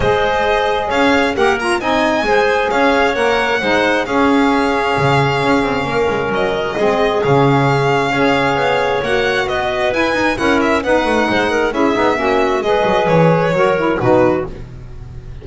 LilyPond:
<<
  \new Staff \with { instrumentName = "violin" } { \time 4/4 \tempo 4 = 133 dis''2 f''4 fis''8 ais''8 | gis''2 f''4 fis''4~ | fis''4 f''2.~ | f''2 dis''2 |
f''1 | fis''4 dis''4 gis''4 fis''8 e''8 | fis''2 e''2 | dis''4 cis''2 b'4 | }
  \new Staff \with { instrumentName = "clarinet" } { \time 4/4 c''2 cis''4 ais'4 | dis''4 c''4 cis''2 | c''4 gis'2.~ | gis'4 ais'2 gis'4~ |
gis'2 cis''2~ | cis''4 b'2 ais'4 | b'4 c''8 ais'8 gis'4 fis'4 | b'2 ais'4 fis'4 | }
  \new Staff \with { instrumentName = "saxophone" } { \time 4/4 gis'2. g'8 f'8 | dis'4 gis'2 ais'4 | dis'4 cis'2.~ | cis'2. c'4 |
cis'2 gis'2 | fis'2 e'8 dis'8 e'4 | dis'2 e'8 dis'8 cis'4 | gis'2 fis'8 e'8 dis'4 | }
  \new Staff \with { instrumentName = "double bass" } { \time 4/4 gis2 cis'4 ais4 | c'4 gis4 cis'4 ais4 | gis4 cis'2 cis4 | cis'8 c'8 ais8 gis8 fis4 gis4 |
cis2 cis'4 b4 | ais4 b4 e'8 dis'8 cis'4 | b8 a8 gis4 cis'8 b8 ais4 | gis8 fis8 e4 fis4 b,4 | }
>>